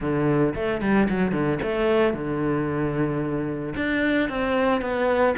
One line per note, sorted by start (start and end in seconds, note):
0.00 0.54 D3
0.54 0.81 A3
0.81 1.08 G3
1.09 1.31 F#3
1.31 1.58 D3
1.62 2.13 A3
2.13 3.74 D3
3.76 4.29 D4
4.29 4.81 C4
4.81 5.34 B3